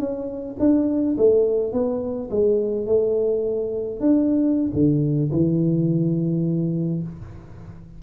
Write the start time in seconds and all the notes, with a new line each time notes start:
0.00 C#4
0.60 D4
1.18 A3
1.73 B3
2.31 G#3
2.87 A3
4.01 D4
4.74 D3
5.32 E3